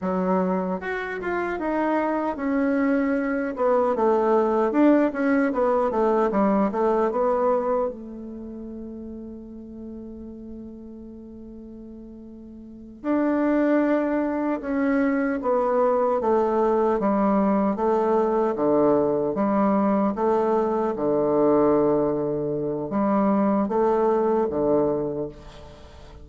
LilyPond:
\new Staff \with { instrumentName = "bassoon" } { \time 4/4 \tempo 4 = 76 fis4 fis'8 f'8 dis'4 cis'4~ | cis'8 b8 a4 d'8 cis'8 b8 a8 | g8 a8 b4 a2~ | a1~ |
a8 d'2 cis'4 b8~ | b8 a4 g4 a4 d8~ | d8 g4 a4 d4.~ | d4 g4 a4 d4 | }